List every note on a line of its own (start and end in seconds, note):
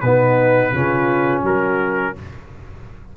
0.00 0.72 B2
0.00 0.74 B3
0.00 0.74 D#4
0.00 1.41 B4
0.73 1.42 C#3
0.73 2.15 C#4
0.73 1.43 F4
1.42 2.13 F#3
1.42 2.14 F#4
1.42 2.16 A#4